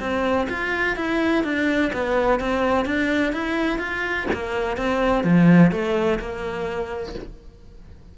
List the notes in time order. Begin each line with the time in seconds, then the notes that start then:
0.00 C4
0.50 F4
0.96 E4
1.44 D4
1.93 B3
2.40 C4
2.85 D4
3.33 E4
3.79 F4
4.33 A#3
4.77 C4
5.24 F3
5.71 A3
6.19 A#3